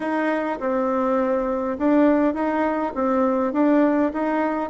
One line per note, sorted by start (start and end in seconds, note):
0.00 0.58 D#4
0.60 1.77 C4
1.78 2.34 D4
2.34 2.93 D#4
2.94 3.52 C4
3.52 4.11 D4
4.13 4.70 D#4